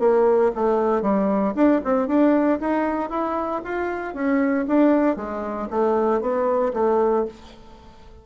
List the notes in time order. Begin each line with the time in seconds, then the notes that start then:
0.00 A#3
0.55 A3
1.03 G3
1.56 D4
1.85 C4
2.08 D4
2.61 D#4
3.10 E4
3.64 F4
4.14 C#4
4.68 D4
5.17 G#3
5.71 A3
6.21 B3
6.74 A3